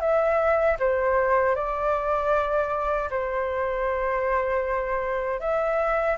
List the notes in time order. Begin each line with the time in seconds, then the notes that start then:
0.00 E5
0.80 C5
1.56 D5
3.10 C5
5.40 E5